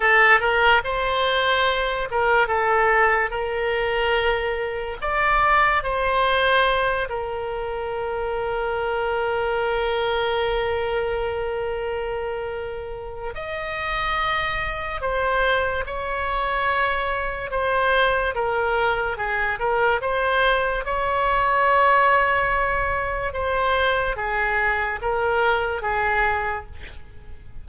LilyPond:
\new Staff \with { instrumentName = "oboe" } { \time 4/4 \tempo 4 = 72 a'8 ais'8 c''4. ais'8 a'4 | ais'2 d''4 c''4~ | c''8 ais'2.~ ais'8~ | ais'1 |
dis''2 c''4 cis''4~ | cis''4 c''4 ais'4 gis'8 ais'8 | c''4 cis''2. | c''4 gis'4 ais'4 gis'4 | }